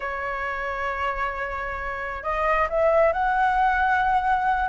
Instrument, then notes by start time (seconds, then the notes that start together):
flute
0.00 C#5
2.23 D#5
2.69 E5
3.12 F#5